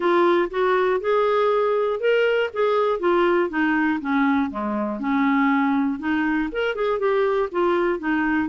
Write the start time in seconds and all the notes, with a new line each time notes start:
0.00 F4
0.50 F#4
1.00 G#4
2.00 A#4
2.53 G#4
2.99 F4
3.49 D#4
4.00 C#4
4.50 G#3
4.99 C#4
5.99 D#4
6.52 A#4
6.75 G#4
6.99 G4
7.51 F4
7.99 D#4